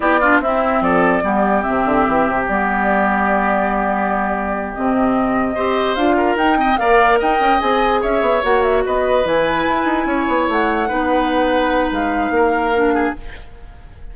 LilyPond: <<
  \new Staff \with { instrumentName = "flute" } { \time 4/4 \tempo 4 = 146 d''4 e''4 d''2 | e''2 d''2~ | d''2.~ d''8 dis''8~ | dis''2~ dis''8 f''4 g''8~ |
g''8 f''4 g''4 gis''4 e''8~ | e''8 fis''8 e''8 dis''4 gis''4.~ | gis''4. fis''2~ fis''8~ | fis''4 f''2. | }
  \new Staff \with { instrumentName = "oboe" } { \time 4/4 g'8 f'8 e'4 a'4 g'4~ | g'1~ | g'1~ | g'4. c''4. ais'4 |
dis''8 d''4 dis''2 cis''8~ | cis''4. b'2~ b'8~ | b'8 cis''2 b'4.~ | b'2 ais'4. gis'8 | }
  \new Staff \with { instrumentName = "clarinet" } { \time 4/4 e'8 d'8 c'2 b4 | c'2 b2~ | b2.~ b8 c'8~ | c'4. g'4 f'4 dis'8 |
c'8 ais'2 gis'4.~ | gis'8 fis'2 e'4.~ | e'2~ e'8 dis'4.~ | dis'2. d'4 | }
  \new Staff \with { instrumentName = "bassoon" } { \time 4/4 b4 c'4 f4 g4 | c8 d8 e8 c8 g2~ | g2.~ g8 c8~ | c4. c'4 d'4 dis'8~ |
dis'8 ais4 dis'8 cis'8 c'4 cis'8 | b8 ais4 b4 e4 e'8 | dis'8 cis'8 b8 a4 b4.~ | b4 gis4 ais2 | }
>>